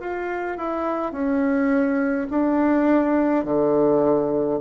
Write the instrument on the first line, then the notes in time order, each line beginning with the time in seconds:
bassoon
0.00 F4
0.58 E4
1.12 C#4
2.30 D4
3.45 D3